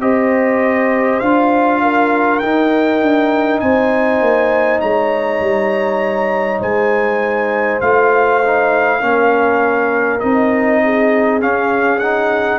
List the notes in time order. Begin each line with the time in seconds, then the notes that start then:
0.00 C4 G4 C5 D#5
1.20 D4 F4 F5
1.83 A#4
2.40 D#4 G5
3.01 D4
3.60 C4 C5 G#5
4.21 A#3
4.81 G#3 C#5 A#5
5.41 G3
6.61 G#3 C5 G#5
7.81 A3 F4 F5
8.44 D#4
9.01 A#3 C#4 A#4
10.20 C4 D#4 D#5
10.84 G#4
11.41 C#4 F5
11.99 D#4 F#5